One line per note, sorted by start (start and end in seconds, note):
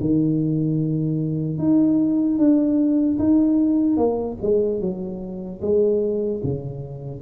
0.00 1.58 D#3
1.58 2.38 D#4
2.38 3.18 D4
3.19 3.97 D#4
3.97 4.37 A#3
4.41 4.81 G#3
4.81 5.61 F#3
5.61 6.41 G#3
6.43 7.21 C#3